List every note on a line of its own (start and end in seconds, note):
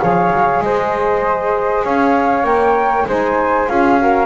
0.00 0.30 F3
0.00 2.43 G#4
0.00 0.64 C#5
0.00 0.62 F5
0.30 0.61 F#3
0.61 1.84 G#3
0.61 1.85 C5
0.61 1.85 D#5
1.85 2.44 C#4
1.85 3.08 C#5
1.85 2.46 F5
2.43 3.05 A#3
2.43 3.05 A#4
2.43 3.07 G5
3.07 3.68 G#3
3.07 3.68 D#4
3.07 3.70 C5
3.07 3.69 G#5
3.68 4.26 C#4
3.68 3.98 F4
3.68 4.00 G#4
3.68 4.26 F5
3.98 4.26 F#4
3.98 4.26 A#4